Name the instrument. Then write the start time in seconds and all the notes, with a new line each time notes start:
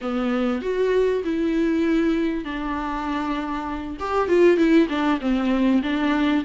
viola
0.01 B3
0.61 F#4
1.24 E4
2.44 D4
3.99 G4
4.28 F4
4.57 E4
4.89 D4
5.20 C4
5.82 D4